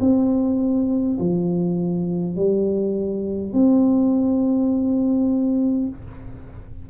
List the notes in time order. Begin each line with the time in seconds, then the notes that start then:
0.00 C4
1.19 F3
2.35 G3
3.52 C4